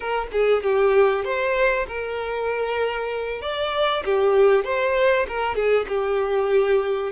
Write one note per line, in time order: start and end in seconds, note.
0.00 0.27 A#4
0.31 0.62 G#4
0.62 1.24 G4
1.24 1.86 C5
1.87 3.41 A#4
3.41 4.03 D5
4.04 4.64 G4
4.64 5.26 C5
5.27 5.55 A#4
5.55 5.86 G#4
5.88 7.11 G4